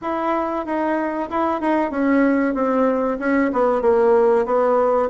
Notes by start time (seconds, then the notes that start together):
0.01 E4
0.65 D#4
1.30 E4
1.60 D#4
1.90 C#4
2.54 C4
3.19 C#4
3.53 B3
3.81 A#3
4.45 B3